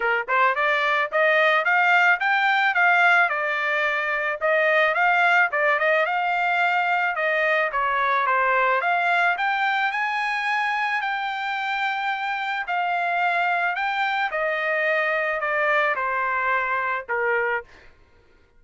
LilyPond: \new Staff \with { instrumentName = "trumpet" } { \time 4/4 \tempo 4 = 109 ais'8 c''8 d''4 dis''4 f''4 | g''4 f''4 d''2 | dis''4 f''4 d''8 dis''8 f''4~ | f''4 dis''4 cis''4 c''4 |
f''4 g''4 gis''2 | g''2. f''4~ | f''4 g''4 dis''2 | d''4 c''2 ais'4 | }